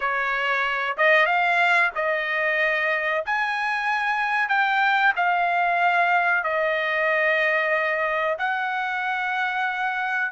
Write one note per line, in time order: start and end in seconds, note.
0.00 0.96 C#5
0.97 1.26 D#5
1.26 1.90 F5
1.95 3.24 D#5
3.25 4.48 G#5
4.48 5.13 G5
5.16 6.43 F5
6.43 8.37 D#5
8.38 10.31 F#5